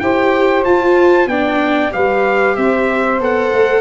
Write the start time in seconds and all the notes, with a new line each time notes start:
0.00 E4 G4 C5 G5
0.65 F4 A5
1.27 B3 D4 D5 G5
1.91 G3 G4 B4 F5
2.56 C4 C5 E5
3.20 B3 A4 F#5
3.53 A3